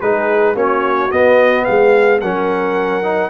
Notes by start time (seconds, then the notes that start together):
0.00 G#3 D#4 G#4 B4
0.54 A#3 C#4 F#4 C#5
1.11 B3 D#5
1.64 G#3 G#4 F5
2.20 F#3 C#4 A#4 F#5
3.02 D#4